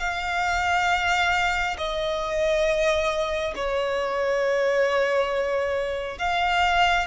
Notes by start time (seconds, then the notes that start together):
0.00 F5
1.77 D#5
3.55 C#5
6.18 F5